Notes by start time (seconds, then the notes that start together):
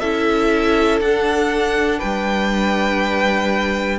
0.00 C#4 E4 A4 E5
1.01 D4 F#5
1.99 G3 B4 G5